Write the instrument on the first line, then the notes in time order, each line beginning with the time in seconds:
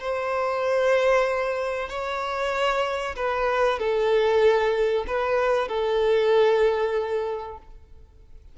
violin
0.00 C5
1.89 C#5
3.16 B4
3.79 A4
5.07 B4
5.68 A4